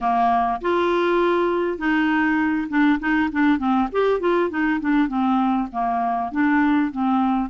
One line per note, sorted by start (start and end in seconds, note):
0.00 0.60 A#3
0.61 1.78 F4
1.78 2.68 D#4
2.69 2.99 D4
2.99 3.29 D#4
3.31 3.58 D4
3.58 3.88 C4
3.92 4.20 G4
4.20 4.50 F4
4.50 4.80 D#4
4.80 5.08 D4
5.08 5.68 C4
5.72 6.31 A#3
6.31 6.91 D4
6.91 7.49 C4